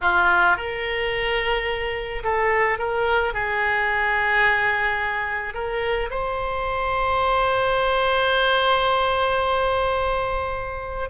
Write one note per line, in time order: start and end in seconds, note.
0.01 0.56 F4
0.56 2.23 A#4
2.23 2.78 A4
2.78 3.33 A#4
3.33 5.54 G#4
5.54 6.09 A#4
6.10 11.09 C5